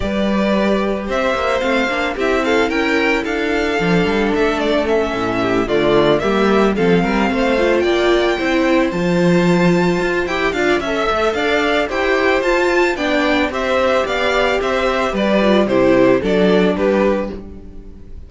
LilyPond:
<<
  \new Staff \with { instrumentName = "violin" } { \time 4/4 \tempo 4 = 111 d''2 e''4 f''4 | e''8 f''8 g''4 f''2 | e''8 d''8 e''4. d''4 e''8~ | e''8 f''2 g''4.~ |
g''8 a''2~ a''8 g''8 f''8 | e''4 f''4 g''4 a''4 | g''4 e''4 f''4 e''4 | d''4 c''4 d''4 b'4 | }
  \new Staff \with { instrumentName = "violin" } { \time 4/4 b'2 c''2 | g'8 a'8 ais'4 a'2~ | a'2 g'8 f'4 g'8~ | g'8 a'8 ais'8 c''4 d''4 c''8~ |
c''2.~ c''8 d''8 | e''4 d''4 c''2 | d''4 c''4 d''4 c''4 | b'4 g'4 a'4 g'4 | }
  \new Staff \with { instrumentName = "viola" } { \time 4/4 g'2. c'8 d'8 | e'2. d'4~ | d'4 cis'4. a4 ais8~ | ais8 c'4. f'4. e'8~ |
e'8 f'2~ f'8 g'8 f'8 | a'2 g'4 f'4 | d'4 g'2.~ | g'8 f'8 e'4 d'2 | }
  \new Staff \with { instrumentName = "cello" } { \time 4/4 g2 c'8 ais8 a8 ais8 | c'4 cis'4 d'4 f8 g8 | a4. a,4 d4 g8~ | g8 f8 g8 a4 ais4 c'8~ |
c'8 f2 f'8 e'8 d'8 | cis'8 a8 d'4 e'4 f'4 | b4 c'4 b4 c'4 | g4 c4 fis4 g4 | }
>>